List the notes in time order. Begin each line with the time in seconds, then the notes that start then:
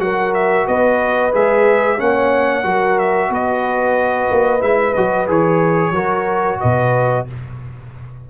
0.00 F#3 F#4 A#4 F#5
0.34 E5
0.67 B3 B4 D#5
1.32 G#3 G#4 E5
1.98 A#3 C#4 C#5 F#5
2.64 F#3 F#4 A#4
2.99 E5
3.30 B3 B4 D#5
4.31 A#3
4.60 G#3 E4 E5
4.94 F#3 F#4 D#5
5.27 E3 G#4 C#5
5.91 F#3 F#4 A#4
6.60 B2 B4 D#5